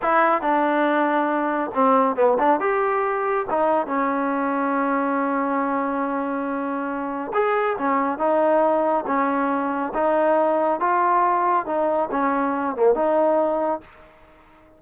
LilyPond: \new Staff \with { instrumentName = "trombone" } { \time 4/4 \tempo 4 = 139 e'4 d'2. | c'4 b8 d'8 g'2 | dis'4 cis'2.~ | cis'1~ |
cis'4 gis'4 cis'4 dis'4~ | dis'4 cis'2 dis'4~ | dis'4 f'2 dis'4 | cis'4. ais8 dis'2 | }